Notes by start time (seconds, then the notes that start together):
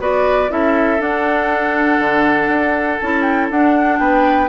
0.00 B3 F#4 B4 D5
0.49 C#4 E4 A4 E5
0.99 D4 F#5
2.00 D3
2.48 D4
3.00 C#4 E4 A5
3.22 G5
3.51 D4 F#5
3.99 B3 B4 G5